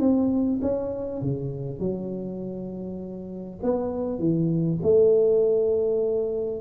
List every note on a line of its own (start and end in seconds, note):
0.00 0.60 C4
0.62 1.22 C#4
1.22 1.80 C#3
1.80 3.60 F#3
3.63 4.19 B3
4.19 4.79 E3
4.83 6.61 A3